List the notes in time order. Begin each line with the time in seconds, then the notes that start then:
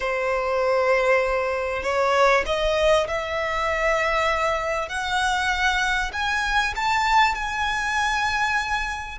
0.00 C5
1.83 C#5
2.45 D#5
3.08 E5
4.88 F#5
6.12 G#5
6.75 A5
7.34 G#5